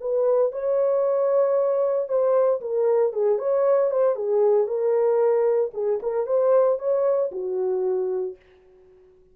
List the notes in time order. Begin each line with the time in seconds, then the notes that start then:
0.00 B4
0.52 C#5
2.08 C5
2.60 A#4
3.13 G#4
3.38 C#5
3.90 C5
4.15 G#4
4.67 A#4
5.73 G#4
6.02 A#4
6.26 C5
6.78 C#5
7.31 F#4